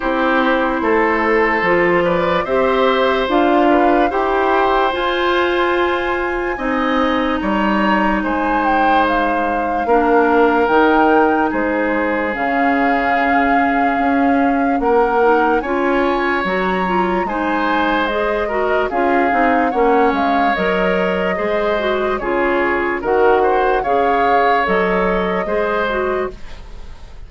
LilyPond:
<<
  \new Staff \with { instrumentName = "flute" } { \time 4/4 \tempo 4 = 73 c''2~ c''8 d''8 e''4 | f''4 g''4 gis''2~ | gis''4 ais''4 gis''8 g''8 f''4~ | f''4 g''4 c''4 f''4~ |
f''2 fis''4 gis''4 | ais''4 gis''4 dis''4 f''4 | fis''8 f''8 dis''2 cis''4 | fis''4 f''4 dis''2 | }
  \new Staff \with { instrumentName = "oboe" } { \time 4/4 g'4 a'4. b'8 c''4~ | c''8 b'8 c''2. | dis''4 cis''4 c''2 | ais'2 gis'2~ |
gis'2 ais'4 cis''4~ | cis''4 c''4. ais'8 gis'4 | cis''2 c''4 gis'4 | ais'8 c''8 cis''2 c''4 | }
  \new Staff \with { instrumentName = "clarinet" } { \time 4/4 e'2 f'4 g'4 | f'4 g'4 f'2 | dis'1 | d'4 dis'2 cis'4~ |
cis'2~ cis'8 dis'8 f'4 | fis'8 f'8 dis'4 gis'8 fis'8 f'8 dis'8 | cis'4 ais'4 gis'8 fis'8 f'4 | fis'4 gis'4 a'4 gis'8 fis'8 | }
  \new Staff \with { instrumentName = "bassoon" } { \time 4/4 c'4 a4 f4 c'4 | d'4 e'4 f'2 | c'4 g4 gis2 | ais4 dis4 gis4 cis4~ |
cis4 cis'4 ais4 cis'4 | fis4 gis2 cis'8 c'8 | ais8 gis8 fis4 gis4 cis4 | dis4 cis4 fis4 gis4 | }
>>